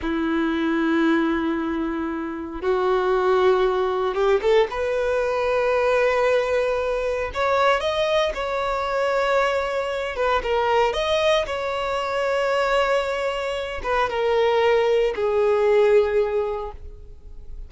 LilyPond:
\new Staff \with { instrumentName = "violin" } { \time 4/4 \tempo 4 = 115 e'1~ | e'4 fis'2. | g'8 a'8 b'2.~ | b'2 cis''4 dis''4 |
cis''2.~ cis''8 b'8 | ais'4 dis''4 cis''2~ | cis''2~ cis''8 b'8 ais'4~ | ais'4 gis'2. | }